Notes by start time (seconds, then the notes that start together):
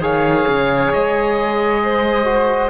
0.00 D#3 G#4 C#5 F5
0.48 C#3
0.93 G#3 D#5
1.84 C5
2.25 F#4